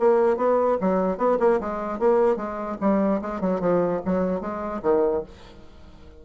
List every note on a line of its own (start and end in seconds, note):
0.00 0.37 A#3
0.37 0.78 B3
0.81 1.18 F#3
1.18 1.38 B3
1.40 1.60 A#3
1.61 2.00 G#3
2.00 2.37 A#3
2.37 2.77 G#3
2.81 3.22 G3
3.22 3.41 G#3
3.41 3.61 F#3
3.61 4.01 F3
4.06 4.41 F#3
4.41 4.82 G#3
4.83 5.23 D#3